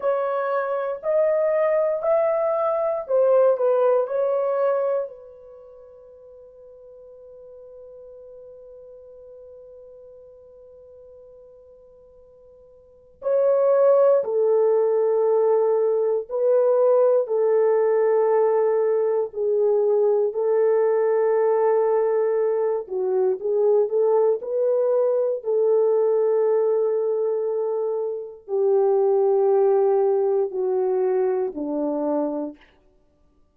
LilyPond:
\new Staff \with { instrumentName = "horn" } { \time 4/4 \tempo 4 = 59 cis''4 dis''4 e''4 c''8 b'8 | cis''4 b'2.~ | b'1~ | b'4 cis''4 a'2 |
b'4 a'2 gis'4 | a'2~ a'8 fis'8 gis'8 a'8 | b'4 a'2. | g'2 fis'4 d'4 | }